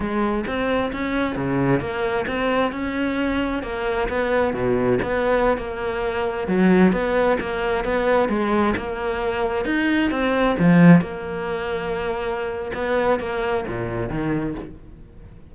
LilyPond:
\new Staff \with { instrumentName = "cello" } { \time 4/4 \tempo 4 = 132 gis4 c'4 cis'4 cis4 | ais4 c'4 cis'2 | ais4 b4 b,4 b4~ | b16 ais2 fis4 b8.~ |
b16 ais4 b4 gis4 ais8.~ | ais4~ ais16 dis'4 c'4 f8.~ | f16 ais2.~ ais8. | b4 ais4 ais,4 dis4 | }